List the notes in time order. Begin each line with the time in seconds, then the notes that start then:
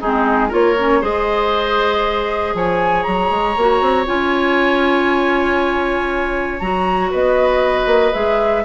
0.00 G#3 C4 D#4 G#4
0.48 A#3 F4 A#4 C#5
0.78 C#4
1.01 G#3 G#4 C5 D#5
2.54 F3 C#5 G#5
3.03 F#3 A#5
3.30 G#3
3.56 A#3 F#4
3.81 C4
4.06 C#4 F4 G#5
6.59 F#3 F#4 A#5
7.10 B3 B4 D#5
7.86 A#3
8.13 G#3 G#4 E5